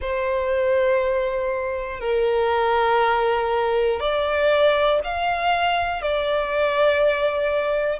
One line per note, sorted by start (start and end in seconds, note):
0.00 2.00 C5
2.00 4.00 A#4
4.00 5.00 D5
5.04 6.02 F5
6.02 7.99 D5